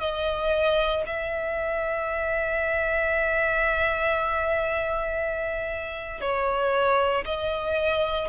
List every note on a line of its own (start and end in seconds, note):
0.00 1.03 D#5
1.06 6.21 E5
6.21 7.24 C#5
7.25 8.29 D#5